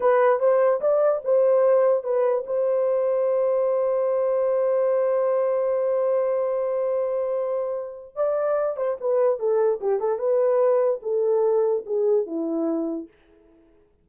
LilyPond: \new Staff \with { instrumentName = "horn" } { \time 4/4 \tempo 4 = 147 b'4 c''4 d''4 c''4~ | c''4 b'4 c''2~ | c''1~ | c''1~ |
c''1 | d''4. c''8 b'4 a'4 | g'8 a'8 b'2 a'4~ | a'4 gis'4 e'2 | }